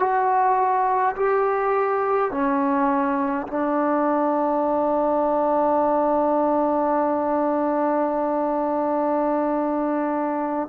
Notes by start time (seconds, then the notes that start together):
0.00 F#4
1.16 G4
2.32 C#4
3.48 D4